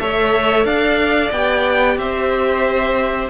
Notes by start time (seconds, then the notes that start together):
0.00 A3 A4 C#5 E5
0.65 D4 D5 F5
1.32 B3 G4 G5
1.97 C4 C5 E5